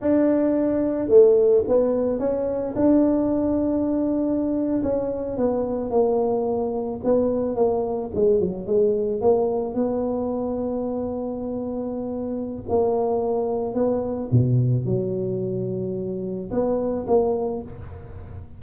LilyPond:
\new Staff \with { instrumentName = "tuba" } { \time 4/4 \tempo 4 = 109 d'2 a4 b4 | cis'4 d'2.~ | d'8. cis'4 b4 ais4~ ais16~ | ais8. b4 ais4 gis8 fis8 gis16~ |
gis8. ais4 b2~ b16~ | b2. ais4~ | ais4 b4 b,4 fis4~ | fis2 b4 ais4 | }